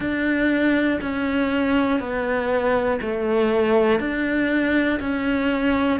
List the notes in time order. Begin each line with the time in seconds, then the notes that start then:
0.00 D4
1.00 C#4
2.00 B3
3.01 A3
4.00 D4
5.00 C#4